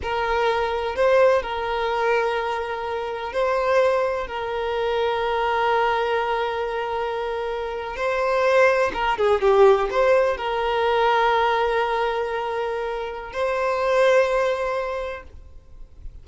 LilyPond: \new Staff \with { instrumentName = "violin" } { \time 4/4 \tempo 4 = 126 ais'2 c''4 ais'4~ | ais'2. c''4~ | c''4 ais'2.~ | ais'1~ |
ais'8. c''2 ais'8 gis'8 g'16~ | g'8. c''4 ais'2~ ais'16~ | ais'1 | c''1 | }